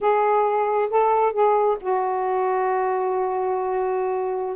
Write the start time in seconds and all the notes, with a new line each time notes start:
0.00 G#4
0.90 A4
1.32 G#4
1.80 F#4